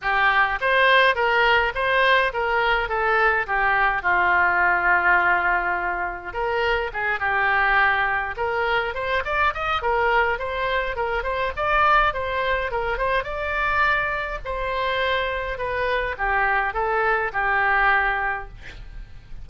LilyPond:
\new Staff \with { instrumentName = "oboe" } { \time 4/4 \tempo 4 = 104 g'4 c''4 ais'4 c''4 | ais'4 a'4 g'4 f'4~ | f'2. ais'4 | gis'8 g'2 ais'4 c''8 |
d''8 dis''8 ais'4 c''4 ais'8 c''8 | d''4 c''4 ais'8 c''8 d''4~ | d''4 c''2 b'4 | g'4 a'4 g'2 | }